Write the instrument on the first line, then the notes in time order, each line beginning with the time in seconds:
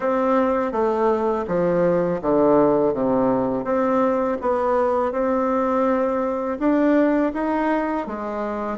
bassoon
0.00 C4
0.72 A3
1.47 F3
2.21 D3
2.93 C3
3.64 C4
4.41 B3
5.12 C4
6.59 D4
7.33 D#4
8.07 G#3